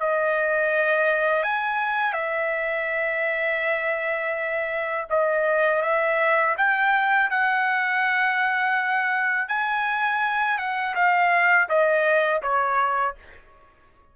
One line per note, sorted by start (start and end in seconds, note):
0.00 1.43 D#5
1.43 2.14 G#5
2.14 5.06 E5
5.10 5.83 D#5
5.83 6.56 E5
6.58 7.30 G5
7.30 9.49 F#5
9.49 10.58 G#5
10.58 10.95 F#5
10.95 11.68 F5
11.69 12.42 D#5
12.43 13.16 C#5